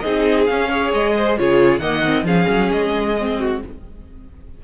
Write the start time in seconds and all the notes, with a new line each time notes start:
0.00 C4 D#4 G#4 D#5
0.46 C#4 F5
0.69 G#4 C#5
0.93 G#3 D#5
1.17 C5
1.37 C#3 F4 G#4 C#5
1.79 D#3 A#3 D#5 F#5
2.05 C4
2.23 F3 C#4 G#4 F5
2.49 F#3
2.72 G#3 D#5
3.19 C4
3.39 F#4